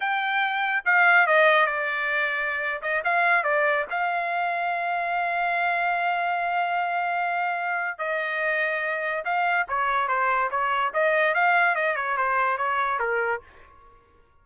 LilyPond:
\new Staff \with { instrumentName = "trumpet" } { \time 4/4 \tempo 4 = 143 g''2 f''4 dis''4 | d''2~ d''8. dis''8 f''8.~ | f''16 d''4 f''2~ f''8.~ | f''1~ |
f''2. dis''4~ | dis''2 f''4 cis''4 | c''4 cis''4 dis''4 f''4 | dis''8 cis''8 c''4 cis''4 ais'4 | }